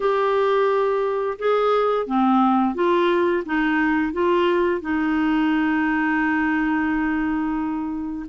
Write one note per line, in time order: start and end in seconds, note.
0.00 1.38 G4
1.38 2.06 G#4
2.06 2.74 C4
2.74 3.43 F4
3.45 4.12 D#4
4.12 4.81 F4
4.81 8.26 D#4